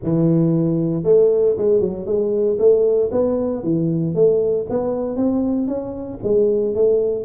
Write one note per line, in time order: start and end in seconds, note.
0.03 1.03 E3
1.03 1.55 A3
1.57 1.80 G#3
1.80 2.05 F#3
2.05 2.57 G#3
2.58 3.10 A3
3.11 3.63 B3
3.63 4.14 E3
4.14 4.66 A3
4.69 5.16 B3
5.16 5.67 C4
5.67 6.19 C#4
6.23 6.74 G#3
6.74 7.24 A3